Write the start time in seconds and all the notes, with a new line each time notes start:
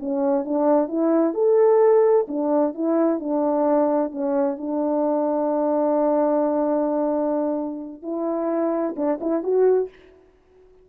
0.00 C#4
0.45 D4
0.89 E4
1.35 A4
2.28 D4
2.75 E4
3.20 D4
4.12 C#4
4.58 D4
8.03 E4
8.97 D4
9.21 E4
9.44 F#4